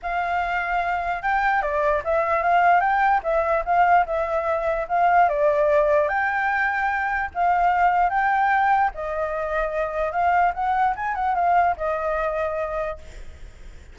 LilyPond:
\new Staff \with { instrumentName = "flute" } { \time 4/4 \tempo 4 = 148 f''2. g''4 | d''4 e''4 f''4 g''4 | e''4 f''4 e''2 | f''4 d''2 g''4~ |
g''2 f''2 | g''2 dis''2~ | dis''4 f''4 fis''4 gis''8 fis''8 | f''4 dis''2. | }